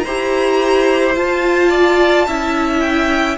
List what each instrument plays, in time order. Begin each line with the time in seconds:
0.00 violin C5 A#5
0.06 cello E4, viola G4
1.16 viola F4, cello F4, violin A5
1.69 violin D5
2.27 cello C#4, viola E4, violin E5
2.81 violin G5